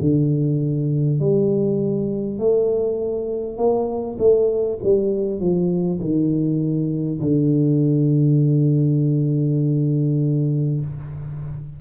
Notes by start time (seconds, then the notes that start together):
0.00 D3
1.19 G3
2.39 A3
3.57 A#3
4.18 A3
4.83 G3
5.40 F3
6.01 D#3
7.21 D3